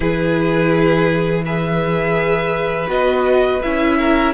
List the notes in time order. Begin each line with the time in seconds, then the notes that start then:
0.00 E3 E4 G#4 B4
1.45 G#4 B4 E5
2.87 B3 F#4 D#5
3.62 C#4 E4 E5
3.98 A#4